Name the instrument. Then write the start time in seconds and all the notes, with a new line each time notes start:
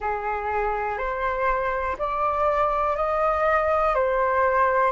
flute
0.00 G#4
0.98 C5
1.98 D5
2.96 D#5
3.94 C5